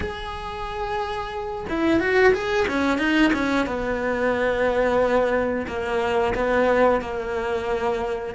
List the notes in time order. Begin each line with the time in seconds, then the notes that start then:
0.00 G#4
1.69 E4
1.99 F#4
2.33 G#4
2.68 C#4
2.98 D#4
3.33 C#4
3.66 B3
5.67 A#3
6.34 B3
7.01 A#3